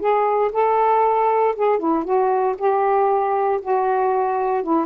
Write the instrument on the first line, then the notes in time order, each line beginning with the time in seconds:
saxophone
0.00 G#4
0.53 A4
1.56 G#4
1.79 E4
2.05 F#4
2.58 G4
3.62 F#4
4.64 E4